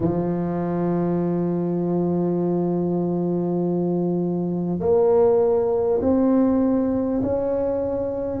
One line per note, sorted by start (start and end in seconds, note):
0.00 4.79 F3
4.79 5.99 A#3
6.01 7.21 C4
7.22 8.40 C#4